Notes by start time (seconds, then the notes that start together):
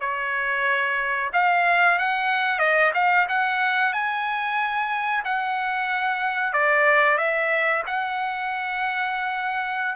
0.00 C#5
1.33 F5
1.98 F#5
2.58 D#5
2.94 F5
3.28 F#5
3.93 G#5
5.24 F#5
6.53 D5
7.17 E5
7.86 F#5